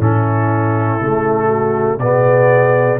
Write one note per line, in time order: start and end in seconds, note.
0.00 1.00 A2
0.00 1.00 C#4
0.00 1.48 E4
0.00 2.00 A4
1.00 1.99 C#3
1.00 2.00 A3
1.48 1.98 F#4
1.99 2.99 B2
1.99 3.00 B3
1.99 3.00 G#4
1.99 3.00 D5